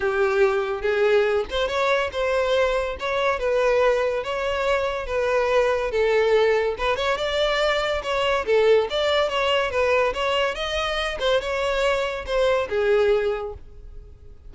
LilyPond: \new Staff \with { instrumentName = "violin" } { \time 4/4 \tempo 4 = 142 g'2 gis'4. c''8 | cis''4 c''2 cis''4 | b'2 cis''2 | b'2 a'2 |
b'8 cis''8 d''2 cis''4 | a'4 d''4 cis''4 b'4 | cis''4 dis''4. c''8 cis''4~ | cis''4 c''4 gis'2 | }